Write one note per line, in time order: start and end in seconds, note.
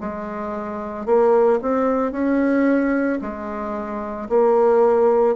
0.00 1.06 G#3
1.06 1.59 A#3
1.62 2.11 C4
2.11 3.19 C#4
3.21 4.29 G#3
4.29 5.35 A#3